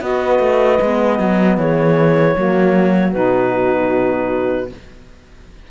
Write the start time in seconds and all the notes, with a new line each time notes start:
0.00 B3 F#4 B4 D#5
0.39 A3
0.81 G#3 B3
1.18 F#3 F#4
1.57 E3 G#4 C#5
2.35 F#3 A#3 F#4
3.12 B2 D#4 B4